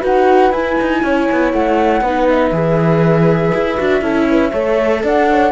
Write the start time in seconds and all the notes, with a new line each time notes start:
0.00 D#4 F#4 B4 F#5
0.51 E4 G#5
0.81 D#4
1.03 C#4 C#5
1.32 B3
1.52 A3 F#5
2.01 B3 D#4 B4
2.29 E5
2.52 E3 G#4
3.54 E4
3.78 D4 F#4
4.01 C#4 E4 A4
4.30 B4
4.51 A3 A4 C#5
5.04 D4 D5 F#5
5.30 C#5